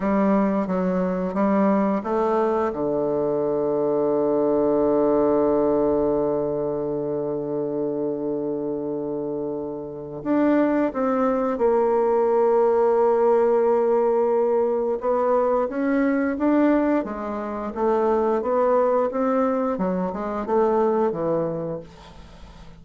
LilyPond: \new Staff \with { instrumentName = "bassoon" } { \time 4/4 \tempo 4 = 88 g4 fis4 g4 a4 | d1~ | d1~ | d2. d'4 |
c'4 ais2.~ | ais2 b4 cis'4 | d'4 gis4 a4 b4 | c'4 fis8 gis8 a4 e4 | }